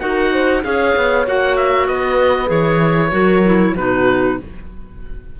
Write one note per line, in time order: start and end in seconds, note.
0.00 0.64 D#4
0.00 0.62 F#4
0.00 0.32 A#4
0.00 0.63 F#5
0.32 0.64 C5
0.64 0.96 C#4
0.64 1.26 G#4
0.64 1.89 C#5
0.64 1.27 F5
0.96 1.27 B3
1.27 1.88 A#3
1.27 2.47 F#4
1.27 1.56 F#5
1.56 1.88 E5
1.88 2.50 B3
1.88 3.12 B4
1.88 2.50 D#5
2.47 3.12 E3
2.47 3.09 G#4
2.47 3.76 C#5
3.11 3.75 F#3
3.11 3.42 F#4
3.11 3.75 A#4
3.45 3.76 E4
3.76 4.39 B2
3.76 4.40 D#4
3.76 4.38 F#4
3.76 4.39 B4